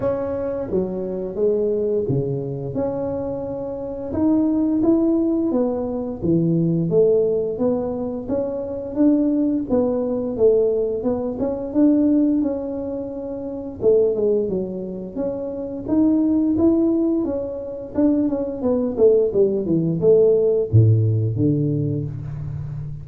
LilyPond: \new Staff \with { instrumentName = "tuba" } { \time 4/4 \tempo 4 = 87 cis'4 fis4 gis4 cis4 | cis'2 dis'4 e'4 | b4 e4 a4 b4 | cis'4 d'4 b4 a4 |
b8 cis'8 d'4 cis'2 | a8 gis8 fis4 cis'4 dis'4 | e'4 cis'4 d'8 cis'8 b8 a8 | g8 e8 a4 a,4 d4 | }